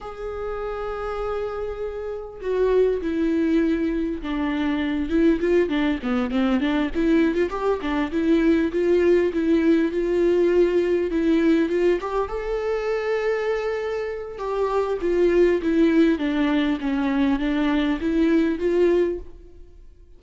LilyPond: \new Staff \with { instrumentName = "viola" } { \time 4/4 \tempo 4 = 100 gis'1 | fis'4 e'2 d'4~ | d'8 e'8 f'8 d'8 b8 c'8 d'8 e'8~ | e'16 f'16 g'8 d'8 e'4 f'4 e'8~ |
e'8 f'2 e'4 f'8 | g'8 a'2.~ a'8 | g'4 f'4 e'4 d'4 | cis'4 d'4 e'4 f'4 | }